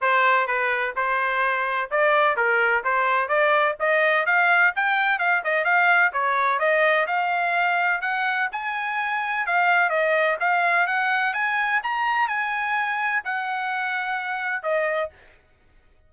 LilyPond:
\new Staff \with { instrumentName = "trumpet" } { \time 4/4 \tempo 4 = 127 c''4 b'4 c''2 | d''4 ais'4 c''4 d''4 | dis''4 f''4 g''4 f''8 dis''8 | f''4 cis''4 dis''4 f''4~ |
f''4 fis''4 gis''2 | f''4 dis''4 f''4 fis''4 | gis''4 ais''4 gis''2 | fis''2. dis''4 | }